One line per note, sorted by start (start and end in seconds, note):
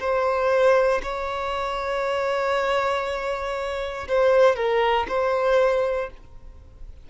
0.00 1.02 C5
1.03 4.08 C#5
4.08 4.56 C5
4.56 5.07 A#4
5.08 6.10 C5